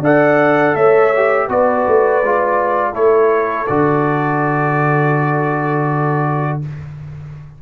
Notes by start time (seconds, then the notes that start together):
0.00 D4 A4 D5 F#5
0.75 A3 C#5 E5
1.16 G4
1.47 B3 F#4 B4 D5
1.87 A3
2.23 G#3 F4
2.92 A3 E4 A4 C#5
3.67 D3 F#4 D5